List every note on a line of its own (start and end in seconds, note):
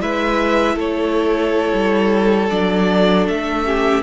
0.00 0.76 G#3
0.00 2.50 E4
0.00 0.75 B4
0.00 0.78 E5
0.75 1.72 A3
0.75 3.64 A4
0.75 2.50 C#5
1.74 2.50 G3
2.50 3.28 F#3
2.50 3.65 D4
2.50 3.27 D5
3.28 4.03 A3
3.28 4.03 E5
3.65 4.03 C#4
3.65 4.03 G4